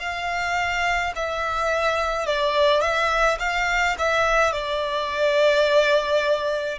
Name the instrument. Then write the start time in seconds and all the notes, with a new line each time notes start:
violin
0.00 F5
1.16 E5
2.27 D5
2.81 E5
3.40 F5
3.99 E5
4.53 D5